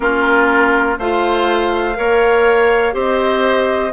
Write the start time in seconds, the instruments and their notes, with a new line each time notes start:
0.00 bassoon A#3, clarinet C#4, oboe F4, flute A#4
0.98 bassoon A3, clarinet F4, oboe C5, flute F5
1.94 bassoon A#3, clarinet A#4, oboe C#5
2.92 bassoon C4, clarinet G4, oboe C5, flute D#5